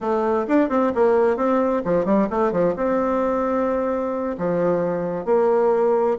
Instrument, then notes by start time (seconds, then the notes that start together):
bassoon
0.00 A3
0.47 D4
0.69 C4
0.95 A#3
1.36 C4
1.84 F3
2.05 G3
2.29 A3
2.51 F3
2.76 C4
4.38 F3
5.25 A#3